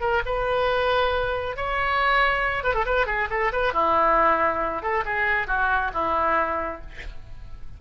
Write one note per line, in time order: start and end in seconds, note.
0.00 0.22 A#4
0.25 1.56 B4
1.56 2.63 C#5
2.63 2.74 B4
2.74 2.85 A4
2.85 3.06 B4
3.06 3.28 G#4
3.30 3.52 A4
3.52 3.73 B4
3.73 4.82 E4
4.82 5.04 A4
5.05 5.47 G#4
5.47 5.91 F#4
5.93 6.81 E4